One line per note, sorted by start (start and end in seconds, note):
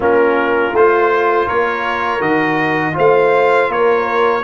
0.00 0.73 A#3
0.00 0.74 C#4
0.00 1.46 F4
0.00 0.76 A#4
0.73 1.47 A3
0.73 2.20 F4
0.73 1.48 C5
1.46 2.20 A#3
1.46 2.94 A#4
1.46 2.21 C#5
2.20 2.94 D#3
2.20 2.92 F#4
2.20 2.95 D#5
2.92 3.68 A3
2.92 4.41 F4
2.92 3.69 C5
2.92 3.71 F5
3.68 4.42 A#3
3.68 4.43 A#4
3.68 4.44 C#5